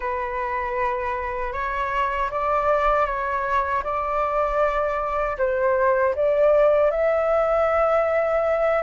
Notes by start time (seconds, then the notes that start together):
0.00 B4
1.52 C#5
2.30 D5
3.06 C#5
3.83 D5
5.37 C5
6.15 D5
6.90 E5